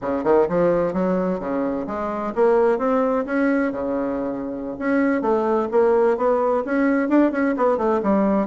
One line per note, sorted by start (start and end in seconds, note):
0.01 0.23 C#3
0.23 0.47 D#3
0.48 0.93 F3
0.93 1.39 F#3
1.39 1.86 C#3
1.86 2.33 G#3
2.35 2.78 A#3
2.78 3.25 C4
3.25 3.72 C#4
3.72 4.76 C#3
4.78 5.21 C#4
5.21 5.68 A3
5.71 6.17 A#3
6.17 6.63 B3
6.65 7.08 C#4
7.08 7.31 D4
7.31 7.55 C#4
7.57 7.77 B3
7.77 8.01 A3
8.02 8.47 G3